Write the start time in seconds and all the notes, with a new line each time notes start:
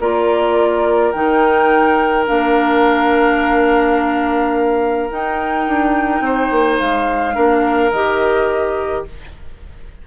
0.00 A#3 F4 A#4 D5
1.12 D#3 D#4 G5
2.27 A#3 D4 F5
5.10 D#4 G5
5.68 D4
6.21 C4 C5
6.51 A#3
6.79 G#3 F5
7.34 A#3 D4 A#4
7.92 D#3 G4 D#5